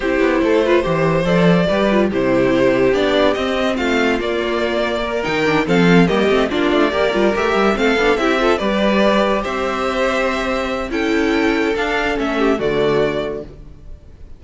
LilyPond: <<
  \new Staff \with { instrumentName = "violin" } { \time 4/4 \tempo 4 = 143 c''2. d''4~ | d''4 c''2 d''4 | dis''4 f''4 d''2~ | d''8 g''4 f''4 dis''4 d''8~ |
d''4. e''4 f''4 e''8~ | e''8 d''2 e''4.~ | e''2 g''2 | f''4 e''4 d''2 | }
  \new Staff \with { instrumentName = "violin" } { \time 4/4 g'4 a'8 b'8 c''2 | b'4 g'2.~ | g'4 f'2. | ais'4. a'4 g'4 f'8~ |
f'8 ais'2 a'4 g'8 | a'8 b'2 c''4.~ | c''2 a'2~ | a'4. g'8 fis'2 | }
  \new Staff \with { instrumentName = "viola" } { \time 4/4 e'4. f'8 g'4 a'4 | g'8 f'8 e'2 d'4 | c'2 ais2~ | ais8 dis'8 d'8 c'4 ais8 c'8 d'8~ |
d'8 g'8 f'8 g'4 c'8 d'8 e'8 | f'8 g'2.~ g'8~ | g'2 e'2 | d'4 cis'4 a2 | }
  \new Staff \with { instrumentName = "cello" } { \time 4/4 c'8 b8 a4 e4 f4 | g4 c2 b4 | c'4 a4 ais2~ | ais8 dis4 f4 g8 a8 ais8 |
a8 ais8 g8 a8 g8 a8 b8 c'8~ | c'8 g2 c'4.~ | c'2 cis'2 | d'4 a4 d2 | }
>>